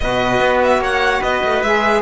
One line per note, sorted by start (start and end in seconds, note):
0.00 0.40 B2
0.00 1.64 F#4
0.00 0.81 B4
0.00 0.61 D#5
0.40 0.78 B3
0.62 0.83 E5
0.78 1.19 A#3
0.78 1.20 C#5
0.78 1.22 F#5
1.20 1.43 B3
1.20 2.01 B4
1.20 1.62 D#5
1.44 1.62 A3
1.62 2.01 G#3
1.62 2.01 G#4
1.62 2.01 E5